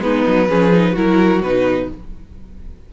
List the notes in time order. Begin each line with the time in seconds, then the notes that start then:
0.00 G#3 B3 D#4 B4
0.28 F#3
0.49 F3 C#4 G#4
0.73 D#4
0.93 F#3 E4 F#4 A#4
1.42 B2 D#4 B4